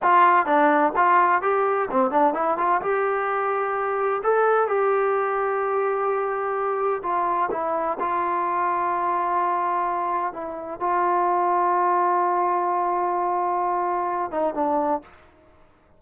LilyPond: \new Staff \with { instrumentName = "trombone" } { \time 4/4 \tempo 4 = 128 f'4 d'4 f'4 g'4 | c'8 d'8 e'8 f'8 g'2~ | g'4 a'4 g'2~ | g'2. f'4 |
e'4 f'2.~ | f'2 e'4 f'4~ | f'1~ | f'2~ f'8 dis'8 d'4 | }